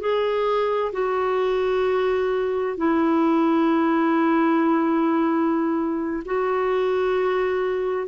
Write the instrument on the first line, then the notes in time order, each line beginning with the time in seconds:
clarinet
0.00 G#4
0.93 F#4
2.77 E4
6.26 F#4